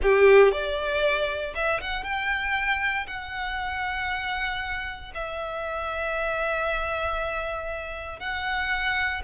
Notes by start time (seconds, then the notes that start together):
0.02 G4
0.51 D5
1.54 E5
1.80 F#5
2.03 G5
3.06 F#5
5.14 E5
8.19 F#5